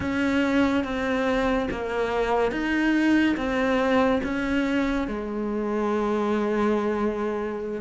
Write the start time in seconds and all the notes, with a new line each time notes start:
0.00 C#4
0.84 C4
1.71 A#3
2.51 D#4
3.36 C4
4.23 C#4
5.07 G#3